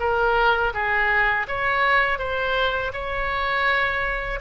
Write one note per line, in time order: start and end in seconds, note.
0.00 0.73 A#4
0.74 1.47 G#4
1.48 2.19 C#5
2.19 2.92 C5
2.93 4.39 C#5